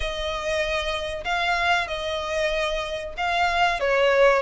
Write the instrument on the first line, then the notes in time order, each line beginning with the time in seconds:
violin
0.00 D#5
1.24 F5
1.87 D#5
3.17 F5
3.80 C#5